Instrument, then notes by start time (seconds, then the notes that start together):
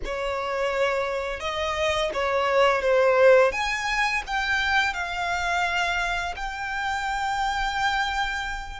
violin
0.04 C#5
1.40 D#5
2.13 C#5
2.81 C5
3.52 G#5
4.26 G5
4.93 F5
6.35 G5